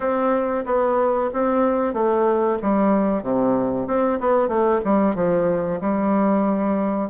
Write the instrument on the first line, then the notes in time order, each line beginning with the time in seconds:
bassoon
0.00 C4
0.65 B3
1.33 C4
1.93 A3
2.61 G3
3.23 C3
3.87 C4
4.20 B3
4.48 A3
4.84 G3
5.15 F3
5.81 G3